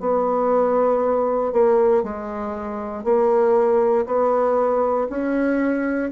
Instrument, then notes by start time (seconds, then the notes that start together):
bassoon
0.00 B3
1.53 A#3
2.03 G#3
3.04 A#3
4.06 B3
5.09 C#4